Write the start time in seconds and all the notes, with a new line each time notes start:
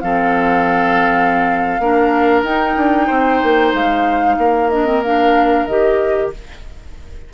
0.00 F3 C4 A4 F5
1.79 A#3 D4 A#4
2.43 D#4 G5
2.77 D4
3.07 C4 C5
3.43 A#3
3.73 G#3 F5
4.38 A#3 A#4
4.70 D4 D#5
4.86 C4
5.03 D4 F5
5.66 D#3 G4 D#5